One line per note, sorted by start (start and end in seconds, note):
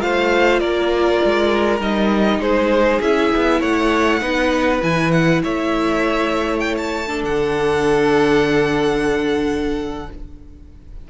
0.00 0.61 A3
0.00 1.80 F4
0.00 0.61 C5
0.00 0.60 F5
0.60 1.21 A#3
0.60 2.41 A#4
0.60 1.80 D5
1.25 1.80 G#3
1.80 2.40 G3
1.80 3.01 D#4
1.80 2.42 D#5
2.40 3.00 G#3
2.40 3.60 G#4
2.40 3.02 C5
3.01 3.31 C#4
3.01 4.21 E4
3.01 3.62 E5
3.36 3.62 B3
3.60 4.22 A3
3.60 4.20 C#5
3.60 4.82 F#5
4.21 4.82 B3
4.21 4.81 D#4
4.21 5.42 B4
4.82 5.43 E3
4.82 7.07 E4
4.82 5.12 G#5
5.12 5.42 F#5
5.43 7.24 A3
5.43 7.08 C#5
5.43 6.60 E5
6.60 6.75 G5
6.78 7.23 A5
7.07 10.07 D4
7.07 10.09 A4
7.24 10.09 D3
7.24 10.10 F#5